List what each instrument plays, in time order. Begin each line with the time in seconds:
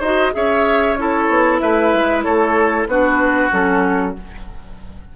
0.00 bassoon D#4, clarinet F#4, oboe C5, flute D#5
0.32 bassoon C#4, clarinet G#4, oboe C#5, flute E5
0.95 clarinet E4, oboe A4, flute C#5
1.29 bassoon B3
1.60 bassoon A3, oboe B4, flute E5
1.93 bassoon G#3
2.23 bassoon A3, oboe A4, flute C#5
2.87 bassoon B3, clarinet D4, oboe F#4, flute B4
3.51 bassoon F#3, clarinet C#4, flute A4